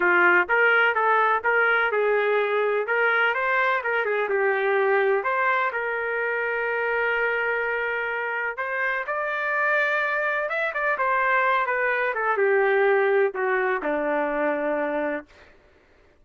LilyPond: \new Staff \with { instrumentName = "trumpet" } { \time 4/4 \tempo 4 = 126 f'4 ais'4 a'4 ais'4 | gis'2 ais'4 c''4 | ais'8 gis'8 g'2 c''4 | ais'1~ |
ais'2 c''4 d''4~ | d''2 e''8 d''8 c''4~ | c''8 b'4 a'8 g'2 | fis'4 d'2. | }